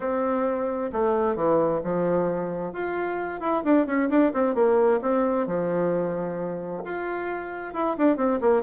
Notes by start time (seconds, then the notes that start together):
0.00 C4
0.92 A3
1.35 E3
1.83 F3
2.72 F4
3.40 E4
3.64 D4
3.86 C#4
4.09 D4
4.33 C4
4.55 A#3
5.01 C4
5.46 F3
6.84 F4
7.73 E4
7.97 D4
8.16 C4
8.40 A#3